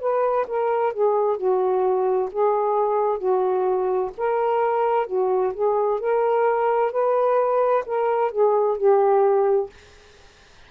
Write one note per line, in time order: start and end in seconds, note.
0.00 0.46 B4
0.47 0.93 A#4
0.93 1.37 G#4
1.37 2.30 F#4
2.32 3.18 G#4
3.18 4.11 F#4
4.17 5.07 A#4
5.07 5.53 F#4
5.53 6.00 G#4
6.00 6.92 A#4
6.92 7.84 B4
7.86 8.31 A#4
8.31 8.77 G#4
8.77 9.70 G4